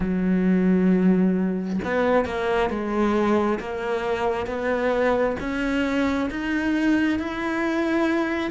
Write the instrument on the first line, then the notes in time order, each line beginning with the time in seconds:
cello
0.00 F#3
1.84 B3
2.25 A#3
2.69 G#3
3.59 A#3
4.46 B3
5.40 C#4
6.30 D#4
7.19 E4